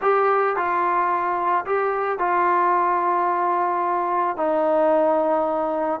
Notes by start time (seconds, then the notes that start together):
0.01 G4
0.56 F4
1.65 G4
2.18 F4
4.37 D#4